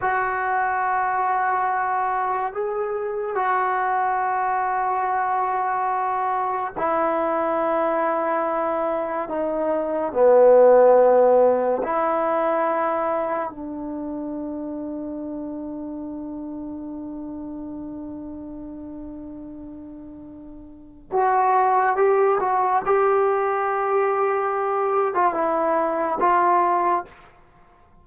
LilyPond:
\new Staff \with { instrumentName = "trombone" } { \time 4/4 \tempo 4 = 71 fis'2. gis'4 | fis'1 | e'2. dis'4 | b2 e'2 |
d'1~ | d'1~ | d'4 fis'4 g'8 fis'8 g'4~ | g'4.~ g'16 f'16 e'4 f'4 | }